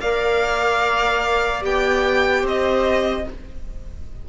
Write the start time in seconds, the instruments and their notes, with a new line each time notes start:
0.00 cello A#3, clarinet A#4, viola D5, violin F5
1.62 cello B3, clarinet G4, violin G5
2.42 cello C4, viola C5, violin D#5